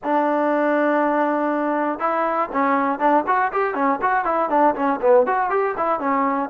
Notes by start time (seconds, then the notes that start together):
0.03 D4
1.99 E4
2.52 C#4
2.99 D4
3.26 F#4
3.52 G4
3.74 C#4
4.01 F#4
4.25 E4
4.49 D4
4.75 C#4
5.01 B3
5.26 F#4
5.50 G4
5.77 E4
5.99 C#4